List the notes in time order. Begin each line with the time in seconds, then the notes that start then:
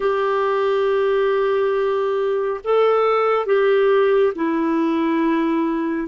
0.00 G4
2.63 A4
3.46 G4
4.35 E4